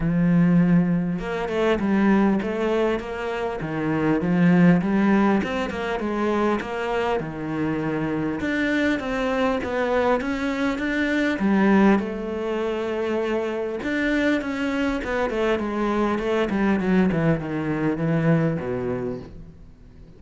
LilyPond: \new Staff \with { instrumentName = "cello" } { \time 4/4 \tempo 4 = 100 f2 ais8 a8 g4 | a4 ais4 dis4 f4 | g4 c'8 ais8 gis4 ais4 | dis2 d'4 c'4 |
b4 cis'4 d'4 g4 | a2. d'4 | cis'4 b8 a8 gis4 a8 g8 | fis8 e8 dis4 e4 b,4 | }